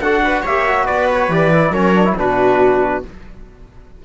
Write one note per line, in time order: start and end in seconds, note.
0.00 0.43 D4
0.00 0.47 F#4
0.00 0.22 A4
0.00 0.44 F#5
0.24 0.42 B4
0.42 0.88 A#3
0.42 0.67 G4
0.42 0.84 C#5
0.42 0.86 E5
0.67 1.30 F#4
0.84 1.28 B3
0.84 1.70 B4
0.84 1.08 D5
1.13 1.33 C#5
1.28 1.70 E3
1.28 1.52 G4
1.28 1.73 D5
1.53 1.73 E4
1.70 2.13 F#3
1.70 1.94 C#4
1.70 2.14 A#4
1.70 2.16 C#5
1.94 2.05 D4
2.05 2.16 E4
2.17 3.02 B2
2.17 3.02 D4
2.17 3.04 F#4
2.17 3.04 B4